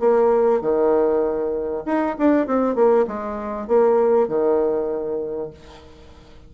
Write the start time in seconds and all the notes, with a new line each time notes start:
0.00 A#3
0.62 D#3
1.86 D#4
2.19 D4
2.47 C4
2.75 A#3
3.08 G#3
3.68 A#3
4.28 D#3